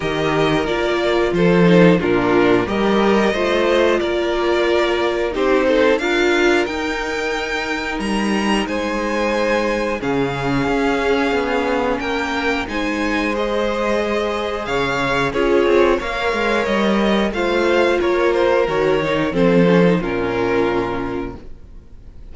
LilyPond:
<<
  \new Staff \with { instrumentName = "violin" } { \time 4/4 \tempo 4 = 90 dis''4 d''4 c''4 ais'4 | dis''2 d''2 | c''4 f''4 g''2 | ais''4 gis''2 f''4~ |
f''2 g''4 gis''4 | dis''2 f''4 cis''4 | f''4 dis''4 f''4 cis''8 c''8 | cis''4 c''4 ais'2 | }
  \new Staff \with { instrumentName = "violin" } { \time 4/4 ais'2 a'4 f'4 | ais'4 c''4 ais'2 | g'8 a'8 ais'2.~ | ais'4 c''2 gis'4~ |
gis'2 ais'4 c''4~ | c''2 cis''4 gis'4 | cis''2 c''4 ais'4~ | ais'4 a'4 f'2 | }
  \new Staff \with { instrumentName = "viola" } { \time 4/4 g'4 f'4. dis'8 d'4 | g'4 f'2. | dis'4 f'4 dis'2~ | dis'2. cis'4~ |
cis'2. dis'4 | gis'2. f'4 | ais'2 f'2 | fis'8 dis'8 c'8 cis'16 dis'16 cis'2 | }
  \new Staff \with { instrumentName = "cello" } { \time 4/4 dis4 ais4 f4 ais,4 | g4 a4 ais2 | c'4 d'4 dis'2 | g4 gis2 cis4 |
cis'4 b4 ais4 gis4~ | gis2 cis4 cis'8 c'8 | ais8 gis8 g4 a4 ais4 | dis4 f4 ais,2 | }
>>